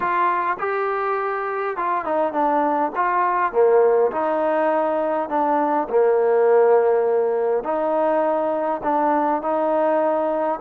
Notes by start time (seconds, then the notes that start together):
0.00 F4
0.59 G4
1.76 F4
2.04 D#4
2.32 D4
2.95 F4
3.52 A#3
4.11 D#4
5.29 D4
5.89 A#3
7.63 D#4
8.83 D4
9.41 D#4